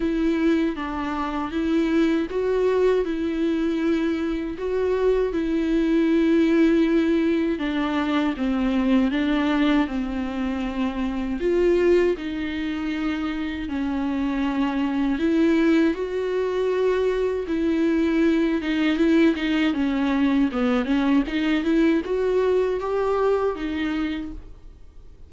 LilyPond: \new Staff \with { instrumentName = "viola" } { \time 4/4 \tempo 4 = 79 e'4 d'4 e'4 fis'4 | e'2 fis'4 e'4~ | e'2 d'4 c'4 | d'4 c'2 f'4 |
dis'2 cis'2 | e'4 fis'2 e'4~ | e'8 dis'8 e'8 dis'8 cis'4 b8 cis'8 | dis'8 e'8 fis'4 g'4 dis'4 | }